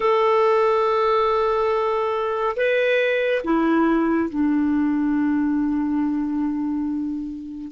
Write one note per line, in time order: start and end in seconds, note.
0.00 2.56 A4
2.56 3.42 B4
3.44 4.29 E4
4.29 7.71 D4